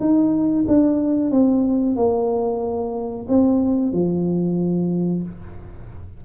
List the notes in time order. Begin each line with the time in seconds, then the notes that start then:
0.00 D#4
0.68 D4
1.31 C4
1.96 A#3
3.28 C4
3.92 F3